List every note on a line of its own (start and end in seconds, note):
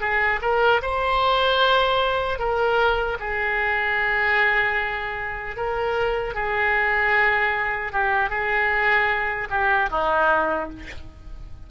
0.00 0.39 G#4
0.41 0.81 A#4
0.81 2.38 C5
2.38 3.17 A#4
3.19 5.56 G#4
5.56 6.34 A#4
6.34 7.92 G#4
7.92 8.29 G4
8.29 9.48 G#4
9.50 9.89 G4
9.90 10.69 D#4